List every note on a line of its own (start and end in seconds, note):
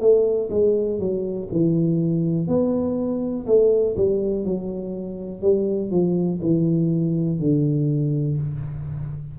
0.00 0.49 A3
0.51 1.00 G#3
1.00 1.49 F#3
1.52 2.48 E3
2.48 3.46 B3
3.47 3.96 A3
3.97 4.45 G3
4.45 5.42 F#3
5.42 5.91 G3
5.91 6.40 F3
6.42 7.40 E3
7.40 8.38 D3